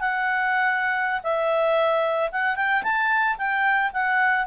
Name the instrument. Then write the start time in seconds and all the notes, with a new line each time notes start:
clarinet
0.00 F#5
1.23 E5
2.32 F#5
2.56 G5
2.83 A5
3.37 G5
3.93 F#5